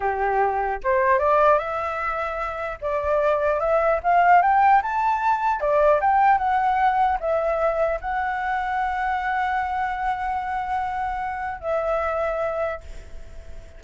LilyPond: \new Staff \with { instrumentName = "flute" } { \time 4/4 \tempo 4 = 150 g'2 c''4 d''4 | e''2. d''4~ | d''4 e''4 f''4 g''4 | a''2 d''4 g''4 |
fis''2 e''2 | fis''1~ | fis''1~ | fis''4 e''2. | }